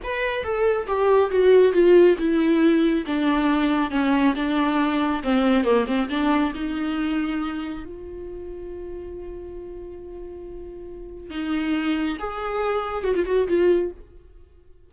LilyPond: \new Staff \with { instrumentName = "viola" } { \time 4/4 \tempo 4 = 138 b'4 a'4 g'4 fis'4 | f'4 e'2 d'4~ | d'4 cis'4 d'2 | c'4 ais8 c'8 d'4 dis'4~ |
dis'2 f'2~ | f'1~ | f'2 dis'2 | gis'2 fis'16 f'16 fis'8 f'4 | }